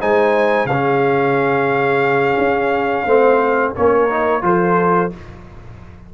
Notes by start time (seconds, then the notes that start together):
0.00 G#3 D#4 C5 G#5
0.65 C#3 G#4 F5
0.72 C#4
2.38 C#4
3.06 A3 C4 C5
3.75 A#3 C#4 A#4 C#5
4.10 D#4
4.42 F3 F4 A4 C5